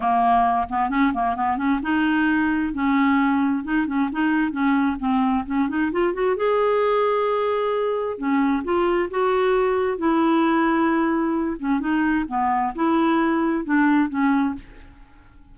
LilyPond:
\new Staff \with { instrumentName = "clarinet" } { \time 4/4 \tempo 4 = 132 ais4. b8 cis'8 ais8 b8 cis'8 | dis'2 cis'2 | dis'8 cis'8 dis'4 cis'4 c'4 | cis'8 dis'8 f'8 fis'8 gis'2~ |
gis'2 cis'4 f'4 | fis'2 e'2~ | e'4. cis'8 dis'4 b4 | e'2 d'4 cis'4 | }